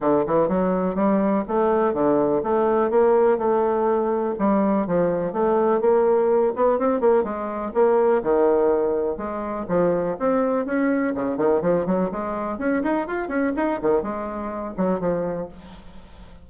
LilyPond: \new Staff \with { instrumentName = "bassoon" } { \time 4/4 \tempo 4 = 124 d8 e8 fis4 g4 a4 | d4 a4 ais4 a4~ | a4 g4 f4 a4 | ais4. b8 c'8 ais8 gis4 |
ais4 dis2 gis4 | f4 c'4 cis'4 cis8 dis8 | f8 fis8 gis4 cis'8 dis'8 f'8 cis'8 | dis'8 dis8 gis4. fis8 f4 | }